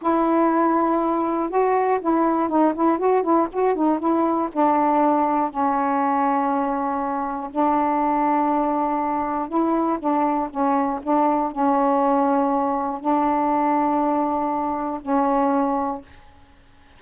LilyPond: \new Staff \with { instrumentName = "saxophone" } { \time 4/4 \tempo 4 = 120 e'2. fis'4 | e'4 dis'8 e'8 fis'8 e'8 fis'8 dis'8 | e'4 d'2 cis'4~ | cis'2. d'4~ |
d'2. e'4 | d'4 cis'4 d'4 cis'4~ | cis'2 d'2~ | d'2 cis'2 | }